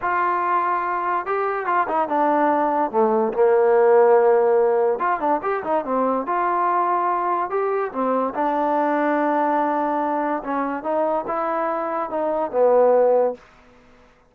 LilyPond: \new Staff \with { instrumentName = "trombone" } { \time 4/4 \tempo 4 = 144 f'2. g'4 | f'8 dis'8 d'2 a4 | ais1 | f'8 d'8 g'8 dis'8 c'4 f'4~ |
f'2 g'4 c'4 | d'1~ | d'4 cis'4 dis'4 e'4~ | e'4 dis'4 b2 | }